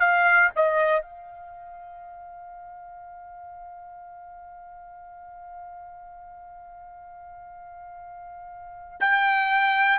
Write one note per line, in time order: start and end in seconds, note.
0.00 0.50 F5
0.56 1.02 D#5
1.02 9.00 F5
9.00 10.00 G5